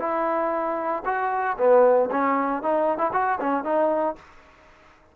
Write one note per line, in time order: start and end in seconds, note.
0.00 1.03 E4
1.05 1.57 F#4
1.58 2.10 B3
2.11 2.63 C#4
2.63 2.98 D#4
2.98 3.11 E4
3.13 3.39 F#4
3.40 3.64 C#4
3.64 4.16 D#4